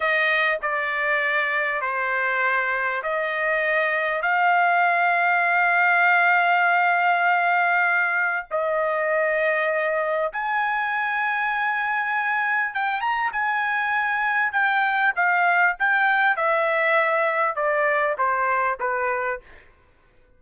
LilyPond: \new Staff \with { instrumentName = "trumpet" } { \time 4/4 \tempo 4 = 99 dis''4 d''2 c''4~ | c''4 dis''2 f''4~ | f''1~ | f''2 dis''2~ |
dis''4 gis''2.~ | gis''4 g''8 ais''8 gis''2 | g''4 f''4 g''4 e''4~ | e''4 d''4 c''4 b'4 | }